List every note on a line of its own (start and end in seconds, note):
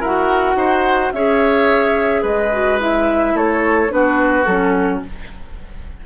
0.00 0.56 E4
0.00 1.15 F#4
0.00 0.56 A#4
0.00 1.12 F#5
0.56 1.11 D#4
0.56 1.13 C5
1.12 2.24 C#4
1.12 2.52 G#4
1.12 2.22 C#5
1.12 2.23 E5
2.22 3.34 G#3
2.22 3.33 B4
2.22 2.80 D#5
2.52 2.80 F#4
2.80 3.89 E4
2.80 3.37 E5
3.34 3.90 A3
3.34 3.91 A4
3.34 3.92 C#5
3.89 4.47 B3
3.89 4.45 D4
3.89 5.06 F#4
3.89 4.45 B4
4.45 5.02 F#3
4.45 5.06 C#4
4.45 5.00 A4